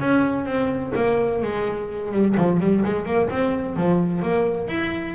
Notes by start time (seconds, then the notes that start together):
0.00 C#4
0.46 C4
0.95 A#3
1.42 G#3
2.12 G3
2.37 F3
2.60 G3
2.85 G#3
3.06 A#3
3.30 C4
3.76 F3
4.22 A#3
4.68 E4